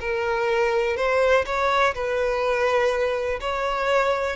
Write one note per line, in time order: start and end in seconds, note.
0.00 0.96 A#4
0.96 1.45 C5
1.46 1.94 C#5
1.95 3.40 B4
3.40 4.36 C#5